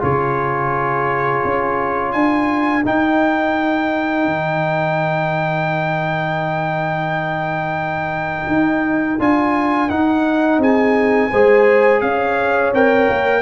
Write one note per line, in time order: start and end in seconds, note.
0.00 1.44 C#3
0.00 2.82 F4
0.00 2.13 G#4
0.00 2.12 C#5
1.45 2.14 C#4
2.12 2.85 D4
2.12 10.60 A#4
2.12 2.83 G#5
2.85 9.20 D#4
2.85 4.26 D#4
2.85 9.21 G5
4.26 8.47 D#3
8.47 9.18 D#4
9.19 9.90 D4
9.19 9.90 F4
9.19 9.90 G#5
9.90 11.31 D#4
9.90 10.58 D#4
9.90 10.60 F#5
10.58 11.29 C4
10.58 11.30 G#4
10.58 12.01 G#5
11.30 12.02 G#3
11.30 12.75 G#4
11.30 12.01 C5
12.01 12.72 C#4
12.01 13.42 C#5
12.01 12.72 F5
12.73 13.08 C4
12.73 13.42 A#4
12.73 13.42 G5
13.09 13.42 A#3